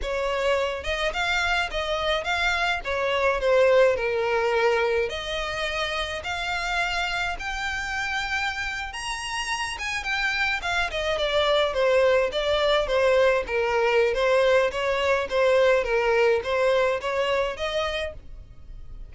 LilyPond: \new Staff \with { instrumentName = "violin" } { \time 4/4 \tempo 4 = 106 cis''4. dis''8 f''4 dis''4 | f''4 cis''4 c''4 ais'4~ | ais'4 dis''2 f''4~ | f''4 g''2~ g''8. ais''16~ |
ais''4~ ais''16 gis''8 g''4 f''8 dis''8 d''16~ | d''8. c''4 d''4 c''4 ais'16~ | ais'4 c''4 cis''4 c''4 | ais'4 c''4 cis''4 dis''4 | }